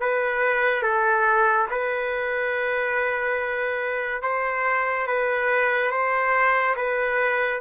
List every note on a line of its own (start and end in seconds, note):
0.00 0.82 B4
0.82 1.67 A4
1.70 4.22 B4
4.22 5.07 C5
5.07 5.91 B4
5.91 6.75 C5
6.76 7.60 B4